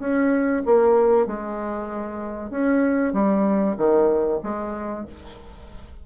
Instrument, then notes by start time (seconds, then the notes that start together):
bassoon
0.00 C#4
0.66 A#3
1.27 G#3
2.51 C#4
3.14 G3
3.78 D#3
4.43 G#3